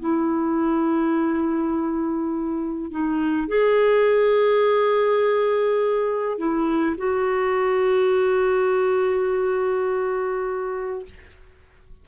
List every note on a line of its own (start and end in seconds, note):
0.00 2.91 E4
2.91 3.48 D#4
3.48 6.38 G#4
6.38 6.96 E4
6.98 11.05 F#4